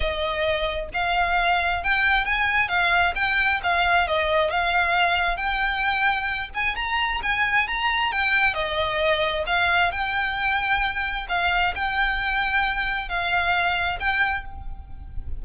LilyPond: \new Staff \with { instrumentName = "violin" } { \time 4/4 \tempo 4 = 133 dis''2 f''2 | g''4 gis''4 f''4 g''4 | f''4 dis''4 f''2 | g''2~ g''8 gis''8 ais''4 |
gis''4 ais''4 g''4 dis''4~ | dis''4 f''4 g''2~ | g''4 f''4 g''2~ | g''4 f''2 g''4 | }